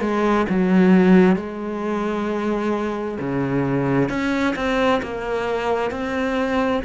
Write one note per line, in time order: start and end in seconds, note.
0.00 0.45 G#3
0.49 1.36 F#3
1.36 3.17 G#3
3.19 4.09 C#3
4.09 4.55 C#4
4.55 5.01 C4
5.02 5.90 A#3
5.90 6.81 C4